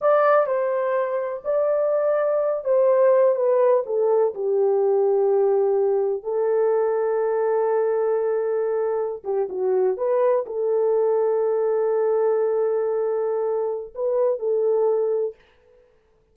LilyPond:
\new Staff \with { instrumentName = "horn" } { \time 4/4 \tempo 4 = 125 d''4 c''2 d''4~ | d''4. c''4. b'4 | a'4 g'2.~ | g'4 a'2.~ |
a'2.~ a'16 g'8 fis'16~ | fis'8. b'4 a'2~ a'16~ | a'1~ | a'4 b'4 a'2 | }